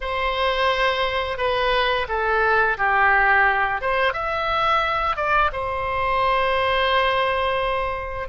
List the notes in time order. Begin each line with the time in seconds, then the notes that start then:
0.00 C5
1.37 B4
2.08 A4
2.77 G4
3.81 C5
4.13 E5
5.16 D5
5.52 C5